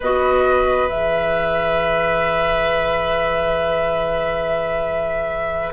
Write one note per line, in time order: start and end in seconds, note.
0.00 0.88 B3
0.00 0.88 F#4
0.00 5.72 B4
0.00 0.88 D#5
0.88 5.72 E3
0.88 5.72 G#4
0.88 5.72 E5